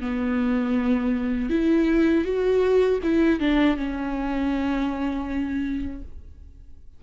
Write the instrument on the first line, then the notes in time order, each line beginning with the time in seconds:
viola
0.00 B3
1.50 E4
2.24 F#4
3.03 E4
3.39 D4
3.76 C#4